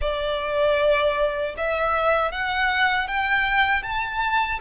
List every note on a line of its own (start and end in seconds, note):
0.01 1.55 D5
1.57 2.31 E5
2.31 3.07 F#5
3.07 3.83 G5
3.83 4.59 A5